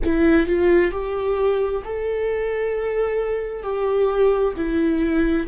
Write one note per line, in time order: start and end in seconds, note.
0.04 0.46 E4
0.46 0.91 F4
0.91 1.82 G4
1.84 3.62 A4
3.62 4.53 G4
4.56 5.47 E4